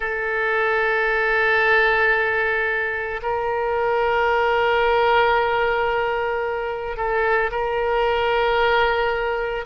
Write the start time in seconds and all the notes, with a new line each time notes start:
0.00 A4
3.22 A#4
6.96 A4
7.50 A#4